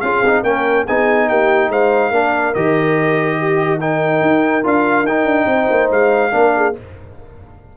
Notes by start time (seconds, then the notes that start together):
0.00 C#4 F4 G#4 F5
0.21 C4 D#4
0.43 A#3 C#4 A#4 G5
0.86 B3 D#4 G#4 G#5
1.28 A#3 G4 G5
1.69 G#3 C5 F5
2.10 A#3 D4 A#4
2.54 D#3 G4 D#5
3.37 G4
3.80 D#4 A#4 G5
4.21 D#4
4.63 D4 F4 F5
5.03 D#4 G5
5.25 D4
5.46 C4 C5
5.70 A#3
5.91 G#3 F5
6.31 A#3 D4 A#4
6.56 G#4